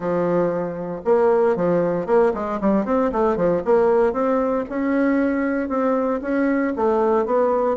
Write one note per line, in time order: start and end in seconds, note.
0.00 1.01 F3
1.05 1.56 A#3
1.56 2.06 F3
2.06 2.32 A#3
2.33 2.59 G#3
2.61 2.85 G3
2.85 3.11 C4
3.12 3.36 A3
3.36 3.62 F3
3.64 4.12 A#3
4.12 4.64 C4
4.69 5.68 C#4
5.68 6.20 C4
6.21 6.73 C#4
6.76 7.25 A3
7.25 7.77 B3